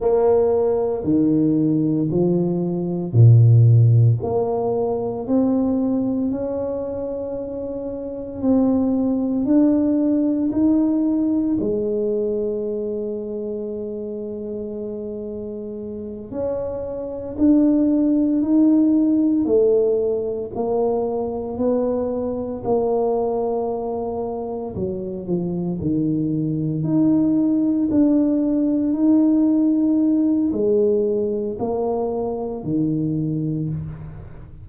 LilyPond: \new Staff \with { instrumentName = "tuba" } { \time 4/4 \tempo 4 = 57 ais4 dis4 f4 ais,4 | ais4 c'4 cis'2 | c'4 d'4 dis'4 gis4~ | gis2.~ gis8 cis'8~ |
cis'8 d'4 dis'4 a4 ais8~ | ais8 b4 ais2 fis8 | f8 dis4 dis'4 d'4 dis'8~ | dis'4 gis4 ais4 dis4 | }